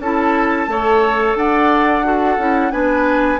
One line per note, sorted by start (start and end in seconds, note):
0.00 0.68 C#4
0.00 0.68 E4
0.00 0.70 A4
0.00 1.37 A5
0.68 1.35 A3
0.68 2.04 A4
0.68 1.38 C#5
1.35 2.38 D4
1.35 2.06 D5
1.35 2.72 F#5
2.04 2.38 F#4
2.04 2.73 A4
2.38 2.72 C#4
2.38 2.71 E4
2.71 3.40 B3
2.71 3.39 D4
2.71 3.40 B4
2.71 3.40 G#5